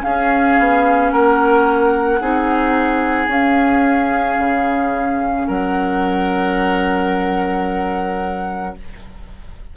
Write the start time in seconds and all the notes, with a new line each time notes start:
0.00 C#4 G#4 F5
0.58 B3
1.10 A#3 A#4 F#5
2.20 C4 D#4 G#4
3.27 C#4 F5
4.38 C#3
5.47 F#3 A#4 F#5